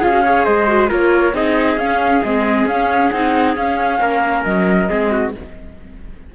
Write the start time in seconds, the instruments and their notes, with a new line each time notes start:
0.00 cello C#4, viola F4, trumpet G#4, flute F5
0.11 viola F#4
0.23 viola G#4, trumpet C#5
0.45 cello G#3, trumpet C5, flute D#5
0.67 viola F#4
0.88 cello A#3, viola F4, trumpet A#4, flute C#5
1.33 cello C4, viola D#4, trumpet G#4, flute D#5
1.77 cello C#4, viola C#4, flute F5
2.23 cello G#3, viola C4, flute D#5
2.66 cello C#4, viola C#4, flute F5
3.10 cello C4, viola D#4, flute F#5
3.56 cello C#4, viola C#4, flute F5
4.00 cello A#3, trumpet A#4
4.44 cello F#3, flute D#5
4.88 cello G#3, viola C4, trumpet G#4
5.11 trumpet F#4